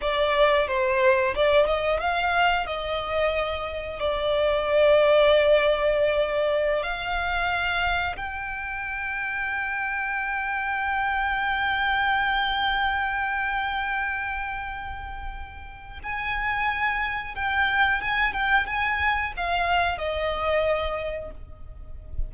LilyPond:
\new Staff \with { instrumentName = "violin" } { \time 4/4 \tempo 4 = 90 d''4 c''4 d''8 dis''8 f''4 | dis''2 d''2~ | d''2~ d''16 f''4.~ f''16~ | f''16 g''2.~ g''8.~ |
g''1~ | g''1 | gis''2 g''4 gis''8 g''8 | gis''4 f''4 dis''2 | }